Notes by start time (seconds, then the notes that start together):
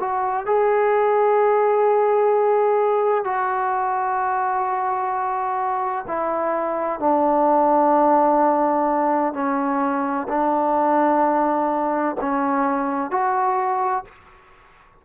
0.00 F#4
0.46 G#4
3.25 F#4
6.08 E4
7.00 D4
9.33 C#4
10.29 D4
12.21 C#4
13.11 F#4